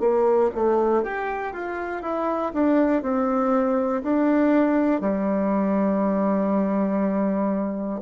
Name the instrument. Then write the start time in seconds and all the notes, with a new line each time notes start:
bassoon
0.00 A#3
0.55 A3
1.03 G4
1.52 F4
2.02 E4
2.53 D4
3.02 C4
4.03 D4
5.00 G3